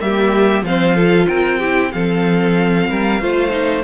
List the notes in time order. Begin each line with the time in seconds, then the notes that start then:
0.00 G3 A#3 G4 E5
0.63 F3 C4 C5 F5
0.95 F4 A4
1.28 C4 A#4 G5
1.59 E4 G4
1.92 F3 C4 A4 F5
2.90 G3 A#4
3.22 A3 F4 C5
3.50 D#4